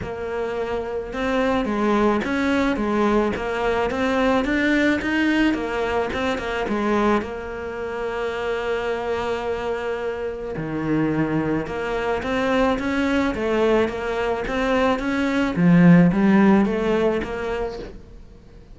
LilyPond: \new Staff \with { instrumentName = "cello" } { \time 4/4 \tempo 4 = 108 ais2 c'4 gis4 | cis'4 gis4 ais4 c'4 | d'4 dis'4 ais4 c'8 ais8 | gis4 ais2.~ |
ais2. dis4~ | dis4 ais4 c'4 cis'4 | a4 ais4 c'4 cis'4 | f4 g4 a4 ais4 | }